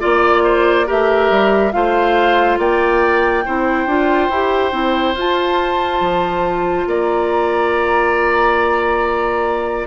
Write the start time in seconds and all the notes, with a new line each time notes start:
0.00 A#3 F4 D5
0.44 C5
0.86 A3 G4 A#4 E5
1.30 G3
1.72 A3 F4 C5 F5
2.58 A#3 D5 G5
3.45 C4 E4 C5
3.86 D4 F4
4.29 E4 G4
4.71 C4 E4
5.14 F4 A5
6.00 F3
6.87 A#3 D5 A#5